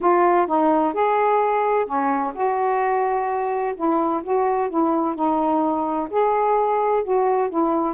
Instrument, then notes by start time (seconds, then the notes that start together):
saxophone
0.00 F4
0.46 D#4
0.93 G#4
1.86 C#4
2.34 F#4
3.75 E4
4.23 F#4
4.69 E4
5.15 D#4
6.10 G#4
7.03 F#4
7.49 E4